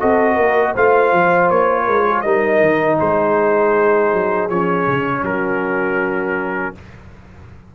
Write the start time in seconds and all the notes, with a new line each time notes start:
0.00 C4 F#4 A4 D#5
0.35 A#3 A#4
0.74 A3 F4 C5 F5
1.13 F3
1.50 A#3 C#5
1.85 G#3 A#4
2.07 G#4
2.21 G3 D#4 A#4 D#5
2.61 D#3
3.00 G#3 G#4 C5
4.13 F#3
4.49 F3 C#4 C#5
4.88 C#3
5.23 F#3 F#4 A#4